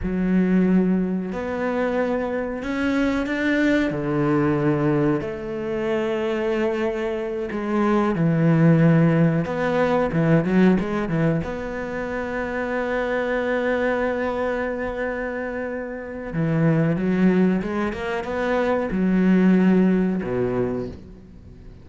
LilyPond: \new Staff \with { instrumentName = "cello" } { \time 4/4 \tempo 4 = 92 fis2 b2 | cis'4 d'4 d2 | a2.~ a8 gis8~ | gis8 e2 b4 e8 |
fis8 gis8 e8 b2~ b8~ | b1~ | b4 e4 fis4 gis8 ais8 | b4 fis2 b,4 | }